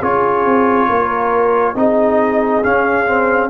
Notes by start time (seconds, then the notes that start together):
0.00 C#4 F4 G#4 C#5
0.45 C4
0.88 A#3 A#4
1.75 C4 D#4 G#4 D#5
2.62 C#4 F5
3.06 C4